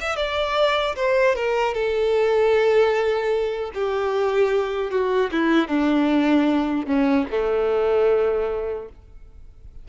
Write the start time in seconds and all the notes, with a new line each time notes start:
0.00 E5
0.16 D5
0.95 C5
1.35 A#4
1.74 A4
3.74 G4
4.91 F#4
5.31 E4
5.67 D4
6.86 C#4
7.30 A3